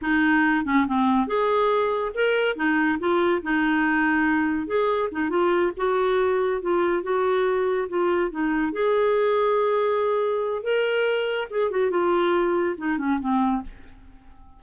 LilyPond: \new Staff \with { instrumentName = "clarinet" } { \time 4/4 \tempo 4 = 141 dis'4. cis'8 c'4 gis'4~ | gis'4 ais'4 dis'4 f'4 | dis'2. gis'4 | dis'8 f'4 fis'2 f'8~ |
f'8 fis'2 f'4 dis'8~ | dis'8 gis'2.~ gis'8~ | gis'4 ais'2 gis'8 fis'8 | f'2 dis'8 cis'8 c'4 | }